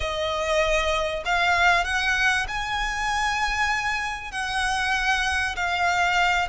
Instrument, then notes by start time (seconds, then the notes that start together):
violin
0.00 D#5
1.25 F5
1.84 F#5
2.48 G#5
4.31 F#5
5.55 F5